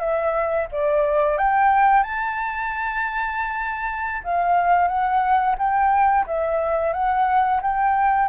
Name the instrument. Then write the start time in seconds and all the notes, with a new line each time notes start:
flute
0.00 E5
0.72 D5
1.38 G5
2.03 A5
4.24 F5
4.88 F#5
5.58 G5
6.27 E5
6.93 F#5
7.62 G5